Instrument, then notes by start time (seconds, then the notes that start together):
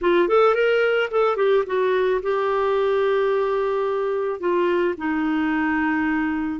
clarinet
0.01 F4
0.28 A4
0.54 A#4
1.10 A4
1.36 G4
1.66 F#4
2.22 G4
4.39 F4
4.97 D#4